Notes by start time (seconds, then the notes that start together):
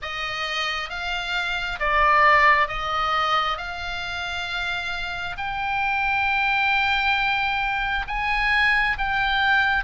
0.02 D#5
0.89 F5
1.79 D5
2.67 D#5
3.57 F5
5.37 G5
8.07 G#5
8.98 G5